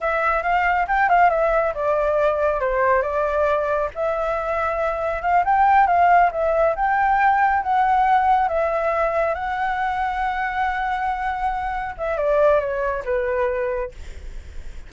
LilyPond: \new Staff \with { instrumentName = "flute" } { \time 4/4 \tempo 4 = 138 e''4 f''4 g''8 f''8 e''4 | d''2 c''4 d''4~ | d''4 e''2. | f''8 g''4 f''4 e''4 g''8~ |
g''4. fis''2 e''8~ | e''4. fis''2~ fis''8~ | fis''2.~ fis''8 e''8 | d''4 cis''4 b'2 | }